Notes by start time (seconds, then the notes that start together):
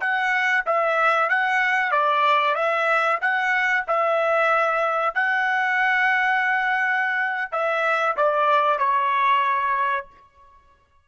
0.00 F#5
0.65 E5
1.29 F#5
1.91 D5
2.55 E5
3.21 F#5
3.87 E5
5.14 F#5
7.52 E5
8.16 D5
8.78 C#5